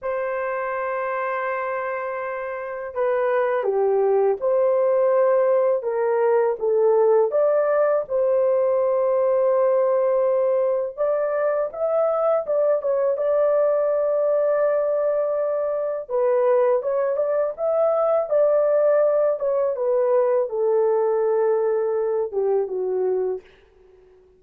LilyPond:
\new Staff \with { instrumentName = "horn" } { \time 4/4 \tempo 4 = 82 c''1 | b'4 g'4 c''2 | ais'4 a'4 d''4 c''4~ | c''2. d''4 |
e''4 d''8 cis''8 d''2~ | d''2 b'4 cis''8 d''8 | e''4 d''4. cis''8 b'4 | a'2~ a'8 g'8 fis'4 | }